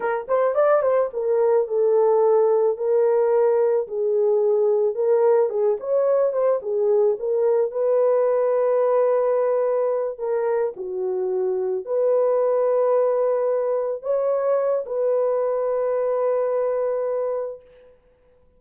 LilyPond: \new Staff \with { instrumentName = "horn" } { \time 4/4 \tempo 4 = 109 ais'8 c''8 d''8 c''8 ais'4 a'4~ | a'4 ais'2 gis'4~ | gis'4 ais'4 gis'8 cis''4 c''8 | gis'4 ais'4 b'2~ |
b'2~ b'8 ais'4 fis'8~ | fis'4. b'2~ b'8~ | b'4. cis''4. b'4~ | b'1 | }